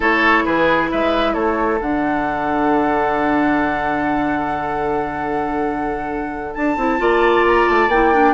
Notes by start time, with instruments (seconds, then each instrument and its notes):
0.00 bassoon A3, clarinet E4, oboe A4, flute C#5
0.45 bassoon E3, oboe G#4, flute B4
0.91 bassoon G#3, oboe B4, flute E5
1.33 bassoon A3, oboe A4, flute C#5
1.79 bassoon D3, clarinet D4, flute F#5
6.54 bassoon D4, flute A5
6.77 bassoon C4, clarinet E4
6.98 bassoon A#3, clarinet F4, oboe D5
7.46 flute A#5
7.68 bassoon A3, flute A5
7.87 bassoon A#3, clarinet E4, flute G5
8.13 clarinet D4